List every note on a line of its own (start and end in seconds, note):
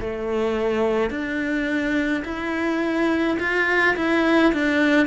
0.00 1.10 A3
1.10 2.23 D4
2.24 3.38 E4
3.39 3.96 F4
3.96 4.53 E4
4.53 5.06 D4